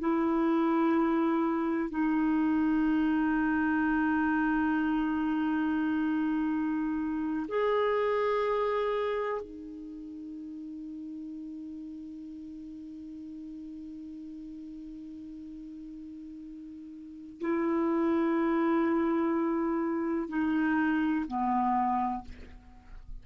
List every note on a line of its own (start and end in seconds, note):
0.00 1.90 E4
1.90 7.46 D#4
7.49 9.42 G#4
9.42 17.40 D#4
17.41 20.29 E4
20.29 21.26 D#4
21.28 22.24 B3